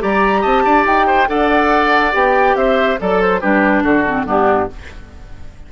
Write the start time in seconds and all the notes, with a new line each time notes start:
0.00 G3 G4 D5 A#5
0.41 C4 D#5 A5
0.65 D4 D5
0.86 D#4 G5
1.07 C5
1.28 D4 A4 D5 F#5
2.13 B3 G4 G5
2.55 C4 C5 E5
2.99 F#3 A4 D5
3.21 C5
3.41 G3 D4 G4 B4
3.84 D3 F#4 A4
4.07 C4
4.26 G2 B3 D4 G4